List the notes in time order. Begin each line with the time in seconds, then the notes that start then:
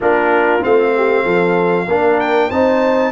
0.00 A#3 D4 F4 A#4
0.60 A3 C4 F5
0.96 G4
1.24 F3 A4
1.87 A#3 D4 A#4
2.20 G5
2.48 C4 D#4 C5 A5